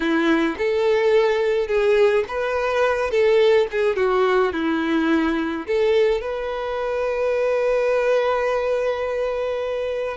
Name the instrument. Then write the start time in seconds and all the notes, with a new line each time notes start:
violin
0.00 E4
0.58 A4
1.67 G#4
2.28 B4
3.10 A4
3.71 G#4
3.96 F#4
4.53 E4
5.66 A4
6.21 B4